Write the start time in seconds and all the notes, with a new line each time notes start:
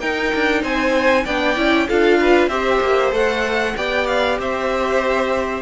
0.00 D#4 A#4 G5
0.35 D4
0.62 C4 C5 G#5
1.24 B3 D4 D5 G5
1.56 C#4 E4
1.88 D4 F4 A4 F5
2.19 B4
2.47 C4 G4 C5 E5
2.80 A#3
3.11 A3 A4 F#5
3.76 B3 G4 D5 G5
4.07 F5
4.39 C4 C5 E5